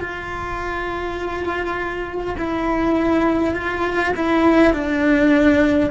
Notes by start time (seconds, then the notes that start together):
0.00 F4
2.37 E4
3.54 F4
4.16 E4
4.73 D4